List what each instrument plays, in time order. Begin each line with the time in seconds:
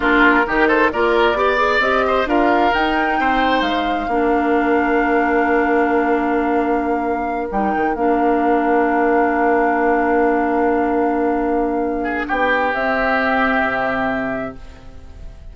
0.00 bassoon A#3, clarinet D4, oboe F4, flute A#4
0.46 bassoon D#3, clarinet D#4, oboe G4
0.67 oboe A4, flute C5
0.91 bassoon A#3, clarinet F4, oboe A#4, flute D5
1.34 bassoon B3, clarinet G4, oboe D5
1.56 clarinet G#4
1.79 bassoon C4, clarinet G4, flute D#5
2.07 oboe C5
2.25 bassoon D4, clarinet F4, oboe A#4, flute F5
2.73 clarinet D#4, bassoon D#4, flute G5
3.19 bassoon C4, oboe C5
3.61 bassoon G#3, flute F5
4.07 bassoon A#3, clarinet D4, oboe A#4
7.51 bassoon G3, clarinet D#4, flute G5
7.76 bassoon D#3
7.94 bassoon A#3, clarinet D4, flute F5
12.03 oboe G#4
12.26 bassoon B3, oboe G4, flute G5
12.73 bassoon C4, clarinet C4, flute E5
13.63 bassoon C3